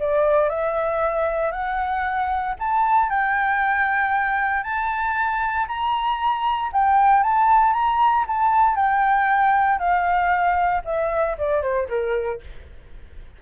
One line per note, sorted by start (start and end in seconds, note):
0.00 0.50 D5
0.50 1.52 E5
1.52 2.55 F#5
2.60 3.10 A5
3.10 4.63 G5
4.63 5.67 A5
5.68 6.71 A#5
6.73 7.24 G5
7.24 7.74 A5
7.74 8.25 A#5
8.27 8.76 A5
8.76 9.79 G5
9.79 10.82 F5
10.85 11.37 E5
11.39 11.62 D5
11.62 11.88 C5
11.89 12.41 A#4